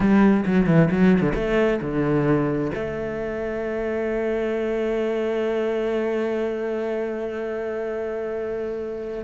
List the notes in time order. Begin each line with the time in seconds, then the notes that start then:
0.00 G3
0.46 F#3
0.66 E3
0.90 F#3
1.21 D3
1.35 A3
1.81 D3
2.74 A3